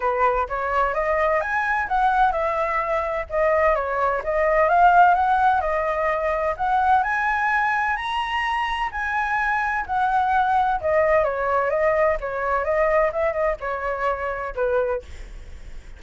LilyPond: \new Staff \with { instrumentName = "flute" } { \time 4/4 \tempo 4 = 128 b'4 cis''4 dis''4 gis''4 | fis''4 e''2 dis''4 | cis''4 dis''4 f''4 fis''4 | dis''2 fis''4 gis''4~ |
gis''4 ais''2 gis''4~ | gis''4 fis''2 dis''4 | cis''4 dis''4 cis''4 dis''4 | e''8 dis''8 cis''2 b'4 | }